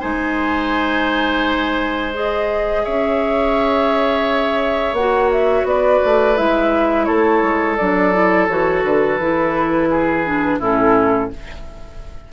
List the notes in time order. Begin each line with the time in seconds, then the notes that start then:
0.00 G#3 D#4 C5 G#5
2.13 G#4 D#5
2.84 C#4 C#5 E5
4.92 A#3 F#4 F#5
5.31 E5
5.63 B3 B4 D5
6.04 A3
6.36 G#3 E4 E5
7.05 A3 A4 C#5
7.42 G#3
7.76 F#3 D4 D5
8.13 E4
8.47 E3 F#4 C#5
8.83 D3 B4
9.18 E3 E4
9.90 G#4
10.25 D4
10.59 A2 C#4 E4 A4